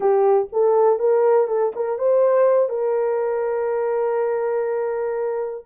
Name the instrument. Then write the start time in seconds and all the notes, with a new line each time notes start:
horn
0.00 G4
0.52 A4
0.99 A#4
1.47 A4
1.75 A#4
1.98 C5
2.69 A#4